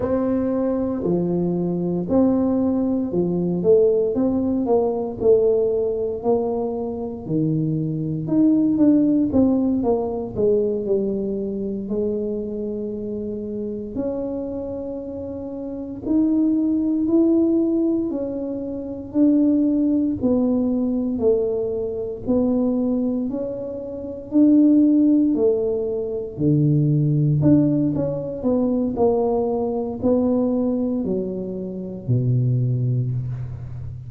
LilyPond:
\new Staff \with { instrumentName = "tuba" } { \time 4/4 \tempo 4 = 58 c'4 f4 c'4 f8 a8 | c'8 ais8 a4 ais4 dis4 | dis'8 d'8 c'8 ais8 gis8 g4 gis8~ | gis4. cis'2 dis'8~ |
dis'8 e'4 cis'4 d'4 b8~ | b8 a4 b4 cis'4 d'8~ | d'8 a4 d4 d'8 cis'8 b8 | ais4 b4 fis4 b,4 | }